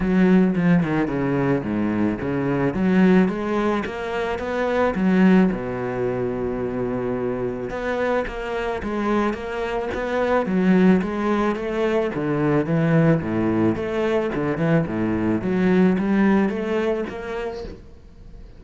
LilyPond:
\new Staff \with { instrumentName = "cello" } { \time 4/4 \tempo 4 = 109 fis4 f8 dis8 cis4 gis,4 | cis4 fis4 gis4 ais4 | b4 fis4 b,2~ | b,2 b4 ais4 |
gis4 ais4 b4 fis4 | gis4 a4 d4 e4 | a,4 a4 d8 e8 a,4 | fis4 g4 a4 ais4 | }